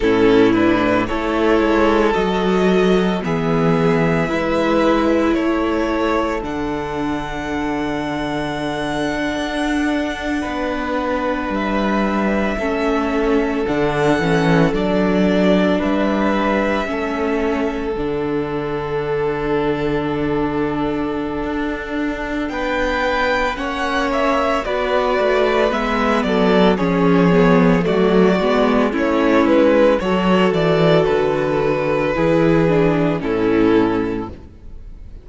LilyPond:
<<
  \new Staff \with { instrumentName = "violin" } { \time 4/4 \tempo 4 = 56 a'8 b'8 cis''4 dis''4 e''4~ | e''4 cis''4 fis''2~ | fis''2~ fis''8. e''4~ e''16~ | e''8. fis''4 d''4 e''4~ e''16~ |
e''8. fis''2.~ fis''16~ | fis''4 g''4 fis''8 e''8 d''4 | e''8 d''8 cis''4 d''4 cis''8 b'8 | cis''8 d''8 b'2 a'4 | }
  \new Staff \with { instrumentName = "violin" } { \time 4/4 e'4 a'2 gis'4 | b'4 a'2.~ | a'4.~ a'16 b'2 a'16~ | a'2~ a'8. b'4 a'16~ |
a'1~ | a'4 b'4 cis''4 b'4~ | b'8 a'8 gis'4 fis'4 e'4 | a'2 gis'4 e'4 | }
  \new Staff \with { instrumentName = "viola" } { \time 4/4 cis'8 d'8 e'4 fis'4 b4 | e'2 d'2~ | d'2.~ d'8. cis'16~ | cis'8. d'8 cis'8 d'2 cis'16~ |
cis'8. d'2.~ d'16~ | d'2 cis'4 fis'4 | b4 cis'8 b8 a8 b8 cis'4 | fis'2 e'8 d'8 cis'4 | }
  \new Staff \with { instrumentName = "cello" } { \time 4/4 a,4 a8 gis8 fis4 e4 | gis4 a4 d2~ | d8. d'4 b4 g4 a16~ | a8. d8 e8 fis4 g4 a16~ |
a8. d2.~ d16 | d'4 b4 ais4 b8 a8 | gis8 fis8 f4 fis8 gis8 a8 gis8 | fis8 e8 d4 e4 a,4 | }
>>